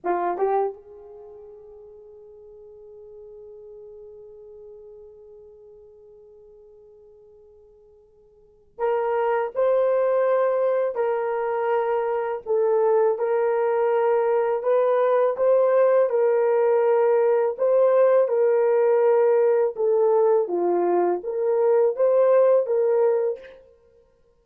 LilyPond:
\new Staff \with { instrumentName = "horn" } { \time 4/4 \tempo 4 = 82 f'8 g'8 gis'2.~ | gis'1~ | gis'1 | ais'4 c''2 ais'4~ |
ais'4 a'4 ais'2 | b'4 c''4 ais'2 | c''4 ais'2 a'4 | f'4 ais'4 c''4 ais'4 | }